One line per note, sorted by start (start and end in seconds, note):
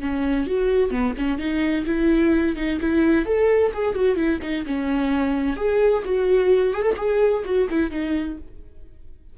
0.00 0.47 C#4
0.47 0.91 F#4
0.91 1.14 B3
1.18 1.38 C#4
1.38 1.85 D#4
1.86 2.56 E4
2.56 2.79 D#4
2.81 3.25 E4
3.25 3.72 A4
3.73 3.95 G#4
3.95 4.16 F#4
4.16 4.39 E4
4.42 4.65 D#4
4.66 5.56 C#4
5.56 6.03 G#4
6.05 6.74 F#4
6.74 6.82 G#4
6.82 6.94 A4
6.97 7.43 G#4
7.45 7.68 F#4
7.69 7.91 E4
7.91 8.37 D#4